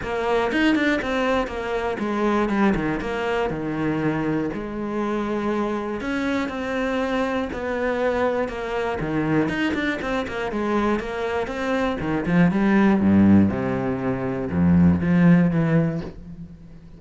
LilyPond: \new Staff \with { instrumentName = "cello" } { \time 4/4 \tempo 4 = 120 ais4 dis'8 d'8 c'4 ais4 | gis4 g8 dis8 ais4 dis4~ | dis4 gis2. | cis'4 c'2 b4~ |
b4 ais4 dis4 dis'8 d'8 | c'8 ais8 gis4 ais4 c'4 | dis8 f8 g4 g,4 c4~ | c4 f,4 f4 e4 | }